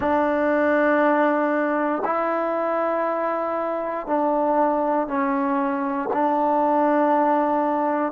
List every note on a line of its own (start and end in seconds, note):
0.00 2.02 D4
2.04 4.06 E4
4.06 5.07 D4
5.07 6.09 C#4
6.12 8.12 D4